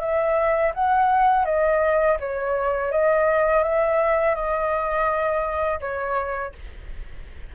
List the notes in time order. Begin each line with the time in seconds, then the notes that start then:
0.00 E5
0.74 F#5
1.45 D#5
2.20 C#5
2.91 D#5
3.63 E5
4.35 D#5
5.80 C#5